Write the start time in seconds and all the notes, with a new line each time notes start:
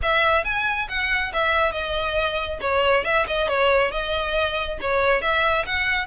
0.02 E5
0.44 G#5
0.88 F#5
1.33 E5
1.72 D#5
2.60 C#5
3.04 E5
3.27 D#5
3.48 C#5
3.91 D#5
4.80 C#5
5.21 E5
5.66 F#5